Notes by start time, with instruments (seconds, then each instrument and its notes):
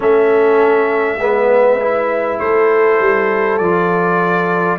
0.00 tuba A3, trombone C#4, horn A4, trumpet E5
1.18 tuba G#3, trombone B3
1.24 horn B4
1.81 trombone E4
2.39 tuba A3, horn A4, trumpet C5
2.99 tuba G3
3.57 tuba F3, trombone F4, trumpet D5